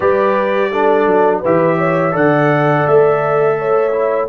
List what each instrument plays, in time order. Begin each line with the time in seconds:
0.00 tuba G3, trombone G4, horn B4, trumpet D5
0.71 trombone D4, horn A4
1.06 tuba F#3
1.40 tuba E3, trombone G4, horn B4, trumpet E5
1.77 horn C#5
2.11 tuba D3, trombone A4, horn D5, trumpet F#5
2.86 tuba A3, trumpet E5
3.58 horn C#5
3.92 trombone E4